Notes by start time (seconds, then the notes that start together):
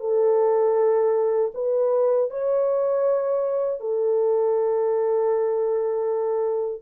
0.00 A4
1.55 B4
2.31 C#5
3.81 A4